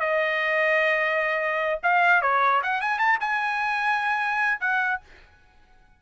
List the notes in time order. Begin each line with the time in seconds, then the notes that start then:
0.00 D#5
1.83 F5
2.22 C#5
2.63 F#5
2.81 G#5
2.99 A5
3.20 G#5
4.60 F#5